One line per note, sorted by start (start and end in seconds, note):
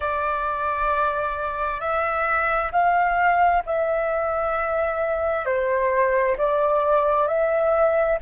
0.00 1.80 D5
1.80 2.71 E5
2.71 3.62 F5
3.66 5.45 E5
5.45 6.36 C5
6.37 7.27 D5
7.27 8.18 E5